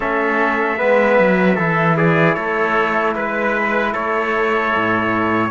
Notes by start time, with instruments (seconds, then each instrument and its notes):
0.00 cello A3, trombone C#4, trumpet A4 E5
0.77 cello G#3, trombone B3, trumpet B4
1.19 cello F#3
1.55 cello E3, trombone E4, trumpet A4
1.96 trumpet G#4 D5
2.34 cello A3, trumpet A4 C#5
3.15 cello G#3, trumpet B4
3.93 cello A3, trumpet A4 C#5
4.75 cello A2